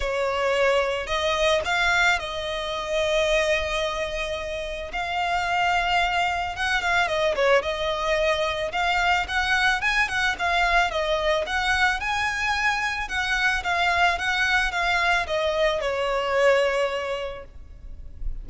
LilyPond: \new Staff \with { instrumentName = "violin" } { \time 4/4 \tempo 4 = 110 cis''2 dis''4 f''4 | dis''1~ | dis''4 f''2. | fis''8 f''8 dis''8 cis''8 dis''2 |
f''4 fis''4 gis''8 fis''8 f''4 | dis''4 fis''4 gis''2 | fis''4 f''4 fis''4 f''4 | dis''4 cis''2. | }